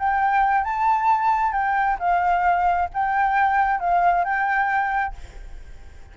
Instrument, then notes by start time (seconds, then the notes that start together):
flute
0.00 G5
0.65 A5
1.53 G5
2.00 F5
2.94 G5
3.80 F5
4.25 G5